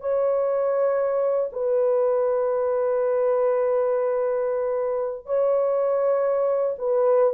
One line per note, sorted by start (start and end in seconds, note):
0.00 1.50 C#5
1.52 5.26 B4
5.26 6.76 C#5
6.78 7.33 B4